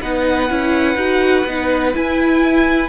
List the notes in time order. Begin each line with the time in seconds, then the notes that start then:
0.00 B3 D#4 B4 F#5
0.49 C#4 E4
0.95 D#4 F#4
1.46 B3 D#4
1.94 E4 G#5